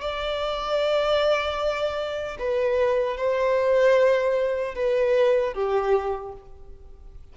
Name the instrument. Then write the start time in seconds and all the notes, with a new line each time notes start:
violin
0.00 D5
2.39 B4
3.17 C5
4.75 B4
5.53 G4